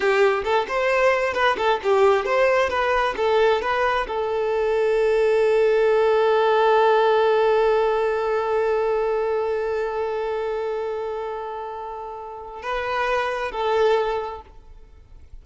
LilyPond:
\new Staff \with { instrumentName = "violin" } { \time 4/4 \tempo 4 = 133 g'4 a'8 c''4. b'8 a'8 | g'4 c''4 b'4 a'4 | b'4 a'2.~ | a'1~ |
a'1~ | a'1~ | a'1 | b'2 a'2 | }